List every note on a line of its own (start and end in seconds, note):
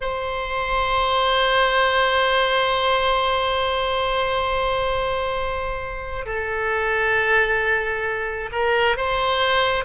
0.00 6.25 C5
6.25 8.49 A4
8.52 8.96 A#4
8.96 9.84 C5